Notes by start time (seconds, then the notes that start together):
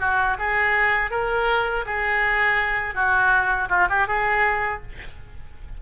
0.00 F#4
0.39 G#4
1.11 A#4
1.86 G#4
2.95 F#4
3.69 F4
3.90 G4
4.08 G#4